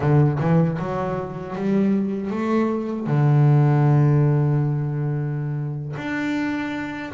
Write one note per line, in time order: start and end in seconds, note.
0.00 0.38 D3
0.39 0.78 E3
0.79 1.55 F#3
1.55 2.30 G3
2.30 3.06 A3
3.06 5.95 D3
5.97 7.12 D4